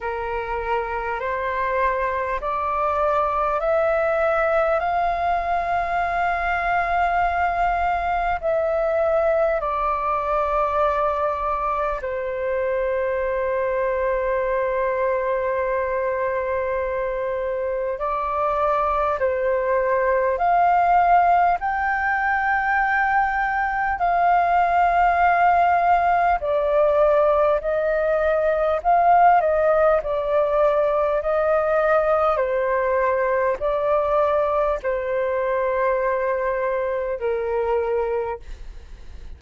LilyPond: \new Staff \with { instrumentName = "flute" } { \time 4/4 \tempo 4 = 50 ais'4 c''4 d''4 e''4 | f''2. e''4 | d''2 c''2~ | c''2. d''4 |
c''4 f''4 g''2 | f''2 d''4 dis''4 | f''8 dis''8 d''4 dis''4 c''4 | d''4 c''2 ais'4 | }